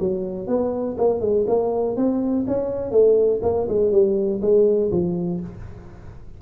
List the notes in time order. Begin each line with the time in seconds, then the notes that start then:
0.00 F#3
0.48 B3
0.98 A#3
1.21 G#3
1.48 A#3
1.97 C4
2.48 C#4
2.92 A3
3.43 A#3
3.69 G#3
3.92 G3
4.42 G#3
4.91 F3